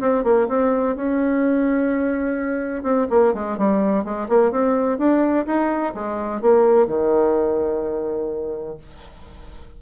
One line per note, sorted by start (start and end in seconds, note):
0.00 0.24 C4
0.24 0.47 A#3
0.48 0.95 C4
0.96 2.83 C#4
2.83 3.06 C4
3.10 3.34 A#3
3.34 3.57 G#3
3.58 4.04 G3
4.04 4.28 G#3
4.28 4.51 A#3
4.51 4.98 C4
4.98 5.46 D4
5.46 5.94 D#4
5.94 6.41 G#3
6.41 6.87 A#3
6.87 8.77 D#3